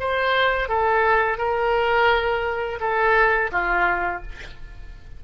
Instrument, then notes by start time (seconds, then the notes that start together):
oboe
0.00 C5
0.69 A4
1.38 A#4
2.80 A4
3.52 F4